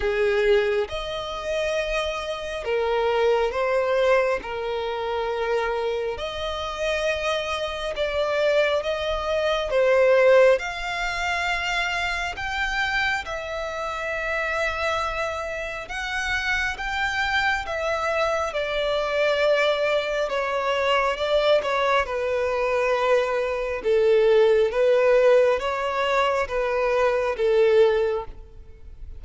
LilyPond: \new Staff \with { instrumentName = "violin" } { \time 4/4 \tempo 4 = 68 gis'4 dis''2 ais'4 | c''4 ais'2 dis''4~ | dis''4 d''4 dis''4 c''4 | f''2 g''4 e''4~ |
e''2 fis''4 g''4 | e''4 d''2 cis''4 | d''8 cis''8 b'2 a'4 | b'4 cis''4 b'4 a'4 | }